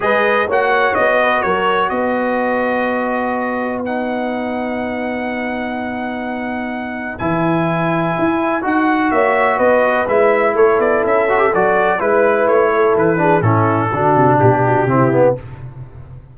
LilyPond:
<<
  \new Staff \with { instrumentName = "trumpet" } { \time 4/4 \tempo 4 = 125 dis''4 fis''4 dis''4 cis''4 | dis''1 | fis''1~ | fis''2. gis''4~ |
gis''2 fis''4 e''4 | dis''4 e''4 cis''8 d''8 e''4 | d''4 b'4 cis''4 b'4 | a'2 g'2 | }
  \new Staff \with { instrumentName = "horn" } { \time 4/4 b'4 cis''4. b'8 ais'4 | b'1~ | b'1~ | b'1~ |
b'2. cis''4 | b'2 a'2~ | a'4 b'4. a'4 gis'8 | e'4 fis'4 g'8 fis'8 e'4 | }
  \new Staff \with { instrumentName = "trombone" } { \time 4/4 gis'4 fis'2.~ | fis'1 | dis'1~ | dis'2. e'4~ |
e'2 fis'2~ | fis'4 e'2~ e'8 fis'16 g'16 | fis'4 e'2~ e'8 d'8 | cis'4 d'2 c'8 b8 | }
  \new Staff \with { instrumentName = "tuba" } { \time 4/4 gis4 ais4 b4 fis4 | b1~ | b1~ | b2. e4~ |
e4 e'4 dis'4 ais4 | b4 gis4 a8 b8 cis'4 | fis4 gis4 a4 e4 | a,4 d8 c8 b,4 c4 | }
>>